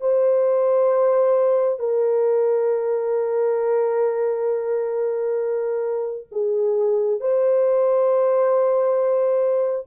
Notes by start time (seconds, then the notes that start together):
0.00 C5
1.79 A#4
6.31 G#4
7.20 C5